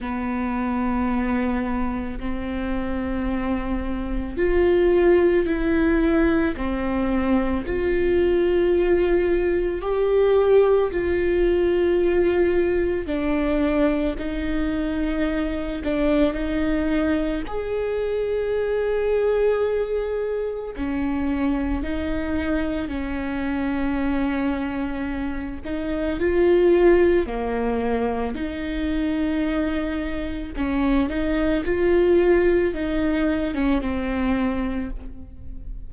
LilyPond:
\new Staff \with { instrumentName = "viola" } { \time 4/4 \tempo 4 = 55 b2 c'2 | f'4 e'4 c'4 f'4~ | f'4 g'4 f'2 | d'4 dis'4. d'8 dis'4 |
gis'2. cis'4 | dis'4 cis'2~ cis'8 dis'8 | f'4 ais4 dis'2 | cis'8 dis'8 f'4 dis'8. cis'16 c'4 | }